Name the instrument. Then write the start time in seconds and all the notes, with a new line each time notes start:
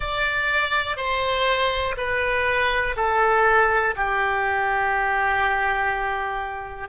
oboe
0.00 D5
0.96 C5
1.97 B4
2.96 A4
3.96 G4